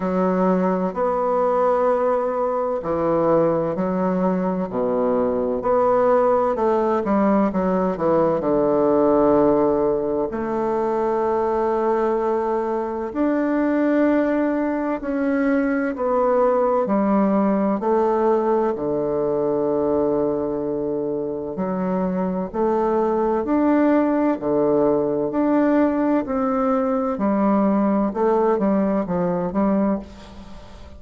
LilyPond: \new Staff \with { instrumentName = "bassoon" } { \time 4/4 \tempo 4 = 64 fis4 b2 e4 | fis4 b,4 b4 a8 g8 | fis8 e8 d2 a4~ | a2 d'2 |
cis'4 b4 g4 a4 | d2. fis4 | a4 d'4 d4 d'4 | c'4 g4 a8 g8 f8 g8 | }